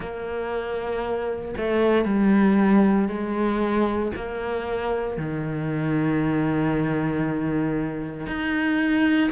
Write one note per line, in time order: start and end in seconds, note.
0.00 1.55 A#3
1.57 2.05 A3
2.05 3.08 G3
3.08 4.11 G#3
4.16 5.17 A#3
5.17 8.27 D#3
8.27 9.30 D#4